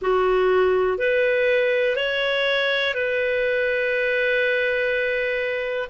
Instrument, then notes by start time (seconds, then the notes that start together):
clarinet
0.01 F#4
0.97 B4
1.96 C#5
2.93 B4